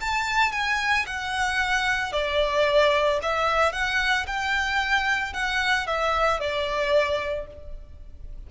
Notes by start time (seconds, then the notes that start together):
0.00 A5
0.52 G#5
1.06 F#5
2.12 D5
3.22 E5
3.72 F#5
4.26 G5
5.33 F#5
5.86 E5
6.39 D5